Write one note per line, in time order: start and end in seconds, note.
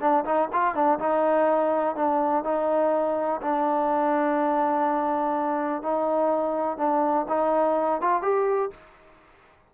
0.00 0.24 D4
0.24 0.49 D#4
0.52 0.75 F4
0.75 0.99 D4
0.99 1.95 D#4
1.95 2.43 D4
2.43 3.40 D#4
3.42 5.82 D4
5.82 6.77 D#4
6.77 7.26 D4
7.28 8.01 D#4
8.01 8.22 F4
8.22 8.70 G4